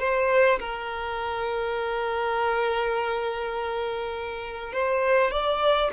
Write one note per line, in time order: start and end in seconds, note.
0.00 0.59 C5
0.60 4.73 A#4
4.73 5.32 C5
5.32 5.91 D5